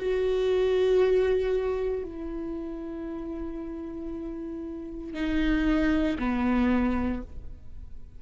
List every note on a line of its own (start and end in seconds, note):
0.00 2.04 F#4
2.04 5.14 E4
5.14 6.18 D#4
6.19 7.23 B3